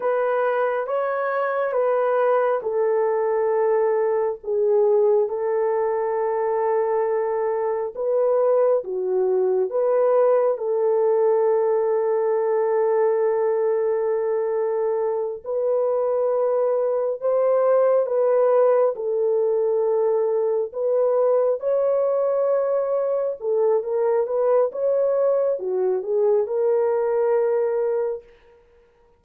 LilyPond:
\new Staff \with { instrumentName = "horn" } { \time 4/4 \tempo 4 = 68 b'4 cis''4 b'4 a'4~ | a'4 gis'4 a'2~ | a'4 b'4 fis'4 b'4 | a'1~ |
a'4. b'2 c''8~ | c''8 b'4 a'2 b'8~ | b'8 cis''2 a'8 ais'8 b'8 | cis''4 fis'8 gis'8 ais'2 | }